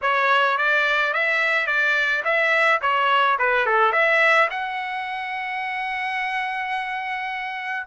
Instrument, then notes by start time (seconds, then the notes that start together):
trumpet
0.01 C#5
0.57 D5
1.13 E5
1.67 D5
2.24 E5
2.81 C#5
3.38 B4
3.66 A4
3.92 E5
4.50 F#5